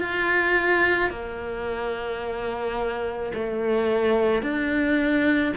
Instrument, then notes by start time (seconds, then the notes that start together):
cello
0.00 F4
1.10 A#3
3.34 A3
4.42 D4